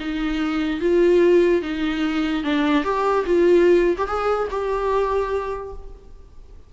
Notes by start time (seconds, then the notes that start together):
0.00 D#4
0.81 F4
1.63 D#4
2.44 D4
2.84 G4
3.26 F4
3.98 G4
4.08 G#4
4.51 G4